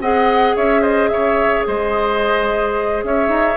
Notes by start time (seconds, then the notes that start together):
0.00 C4 G#4 D#5 F#5
0.55 C#4 C#5 E5
0.81 C5 D#5
1.08 C#3 C#5 E5
1.66 G#3 C5 D#5
3.03 C#4 C#5 E5
3.28 D#4